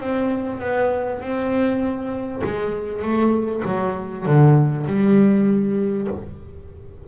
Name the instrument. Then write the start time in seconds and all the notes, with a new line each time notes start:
double bass
0.00 C4
0.61 B3
1.21 C4
2.44 G#3
3.02 A3
3.66 F#3
4.26 D3
4.87 G3